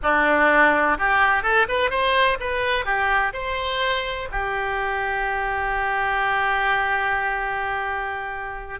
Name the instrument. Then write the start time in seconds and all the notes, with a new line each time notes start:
oboe
0.02 D4
0.98 G4
1.43 A4
1.68 B4
1.90 C5
2.39 B4
2.85 G4
3.33 C5
4.31 G4